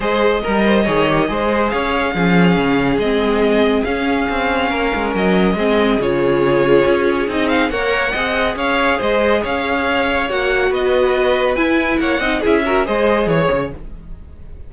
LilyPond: <<
  \new Staff \with { instrumentName = "violin" } { \time 4/4 \tempo 4 = 140 dis''1 | f''2. dis''4~ | dis''4 f''2. | dis''2 cis''2~ |
cis''4 dis''8 f''8 fis''2 | f''4 dis''4 f''2 | fis''4 dis''2 gis''4 | fis''4 e''4 dis''4 cis''4 | }
  \new Staff \with { instrumentName = "violin" } { \time 4/4 c''4 ais'8 c''8 cis''4 c''4 | cis''4 gis'2.~ | gis'2. ais'4~ | ais'4 gis'2.~ |
gis'2 cis''4 dis''4 | cis''4 c''4 cis''2~ | cis''4 b'2. | cis''8 dis''8 gis'8 ais'8 c''4 cis''4 | }
  \new Staff \with { instrumentName = "viola" } { \time 4/4 gis'4 ais'4 gis'8 g'8 gis'4~ | gis'4 cis'2 c'4~ | c'4 cis'2.~ | cis'4 c'4 f'2~ |
f'4 dis'4 ais'4 gis'4~ | gis'1 | fis'2. e'4~ | e'8 dis'8 e'8 fis'8 gis'2 | }
  \new Staff \with { instrumentName = "cello" } { \time 4/4 gis4 g4 dis4 gis4 | cis'4 f4 cis4 gis4~ | gis4 cis'4 c'4 ais8 gis8 | fis4 gis4 cis2 |
cis'4 c'4 ais4 c'4 | cis'4 gis4 cis'2 | ais4 b2 e'4 | ais8 c'8 cis'4 gis4 e8 cis8 | }
>>